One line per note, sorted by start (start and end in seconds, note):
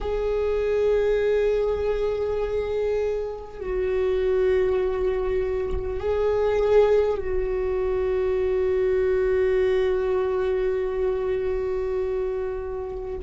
0.01 3.59 G#4
3.59 5.99 F#4
6.00 7.17 G#4
7.17 13.17 F#4